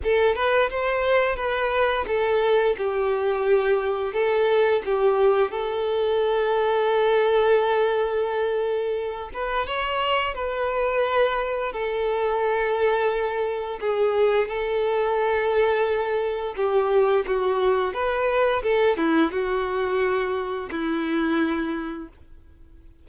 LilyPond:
\new Staff \with { instrumentName = "violin" } { \time 4/4 \tempo 4 = 87 a'8 b'8 c''4 b'4 a'4 | g'2 a'4 g'4 | a'1~ | a'4. b'8 cis''4 b'4~ |
b'4 a'2. | gis'4 a'2. | g'4 fis'4 b'4 a'8 e'8 | fis'2 e'2 | }